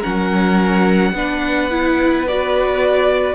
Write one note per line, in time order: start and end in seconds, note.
0.00 1.14 C#4
0.00 1.11 A#4
0.00 2.25 F#5
0.06 1.13 F#3
1.13 3.35 B3
1.13 1.71 D4
1.13 3.35 B4
1.71 2.26 E4
2.28 3.35 F#4
2.28 3.35 D5